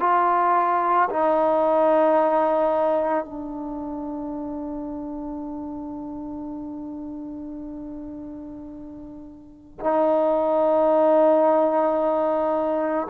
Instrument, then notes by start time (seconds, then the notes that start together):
trombone
0.00 F4
1.10 D#4
3.24 D4
9.80 D#4